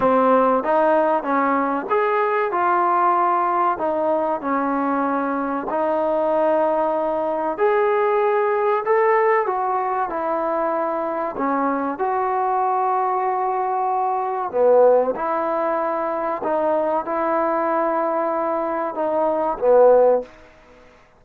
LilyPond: \new Staff \with { instrumentName = "trombone" } { \time 4/4 \tempo 4 = 95 c'4 dis'4 cis'4 gis'4 | f'2 dis'4 cis'4~ | cis'4 dis'2. | gis'2 a'4 fis'4 |
e'2 cis'4 fis'4~ | fis'2. b4 | e'2 dis'4 e'4~ | e'2 dis'4 b4 | }